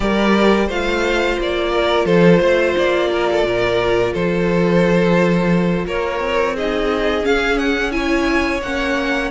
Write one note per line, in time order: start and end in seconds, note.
0.00 0.69 G3
0.00 0.69 G4
0.00 0.66 A#4
0.00 0.69 D5
0.66 1.38 A3
0.66 6.56 F4
0.66 1.70 C5
0.66 1.39 F5
1.39 2.05 A#3
1.39 2.05 D5
1.71 2.05 A#4
2.05 2.39 F3
2.05 2.39 A4
2.05 2.74 C5
2.39 2.74 A3
2.39 3.08 C5
2.77 3.43 A#3
2.77 4.14 D5
3.12 3.29 A#4
3.30 3.46 A4
3.43 4.12 A#2
3.43 4.13 A#4
4.13 5.85 F3
4.13 5.85 A4
4.13 5.86 C5
5.85 6.20 A#3
5.85 6.55 A#4
5.85 6.56 C#5
6.20 7.23 C4
6.55 7.23 D#4
6.55 7.93 G#4
6.55 7.25 D#5
7.23 7.92 C#4
7.23 8.62 C#4
7.23 7.58 F5
7.58 7.91 F#5
7.91 8.60 E4
7.91 9.30 C#5
7.91 8.60 G#5
8.62 9.30 A#3
8.62 9.30 C#4
8.62 9.30 F#5